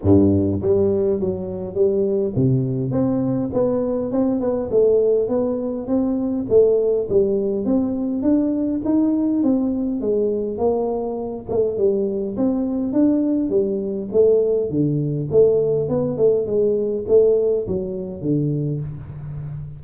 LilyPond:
\new Staff \with { instrumentName = "tuba" } { \time 4/4 \tempo 4 = 102 g,4 g4 fis4 g4 | c4 c'4 b4 c'8 b8 | a4 b4 c'4 a4 | g4 c'4 d'4 dis'4 |
c'4 gis4 ais4. a8 | g4 c'4 d'4 g4 | a4 d4 a4 b8 a8 | gis4 a4 fis4 d4 | }